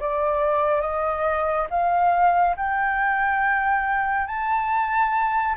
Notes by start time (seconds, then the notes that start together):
0.00 D5
0.81 D#5
1.70 F5
2.56 G5
4.27 A5